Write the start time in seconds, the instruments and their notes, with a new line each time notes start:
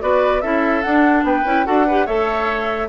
0.00 bassoon B3, clarinet F#4, oboe B4, flute D5
0.41 bassoon C#4, clarinet E4, oboe A4, flute E5
0.82 clarinet D4, bassoon D4, flute F#5
1.23 bassoon B3, oboe B4, flute G5
1.44 bassoon C#4, clarinet E4
1.65 bassoon D4, clarinet F#4, oboe A4, flute F#5
1.86 clarinet G4, oboe B4
2.06 bassoon A3, clarinet A4, oboe C#5, flute E5